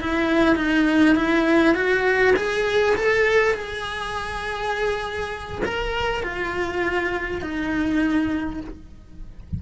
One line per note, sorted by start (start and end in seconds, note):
0.00 0.55 E4
0.55 1.15 D#4
1.15 1.74 E4
1.74 2.34 F#4
2.36 2.95 G#4
2.96 3.53 A4
3.53 5.61 G#4
5.65 6.22 A#4
6.22 7.41 F4
7.41 8.60 D#4